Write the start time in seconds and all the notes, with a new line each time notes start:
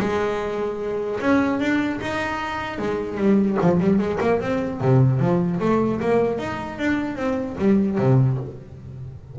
0.00 G#3
1.21 C#4
1.60 D4
2.01 D#4
2.79 G#3
3.18 G3
3.62 F3
3.80 G3
3.99 G#3
4.21 A#3
4.41 C4
4.81 C3
5.20 F3
5.60 A3
6.01 A#3
6.39 D#4
6.79 D4
7.17 C4
7.58 G3
7.99 C3